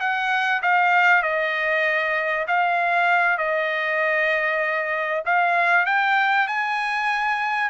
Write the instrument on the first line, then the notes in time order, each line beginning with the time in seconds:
trumpet
0.00 F#5
0.62 F5
1.23 D#5
2.48 F5
3.38 D#5
5.26 F5
5.86 G5
6.48 G#5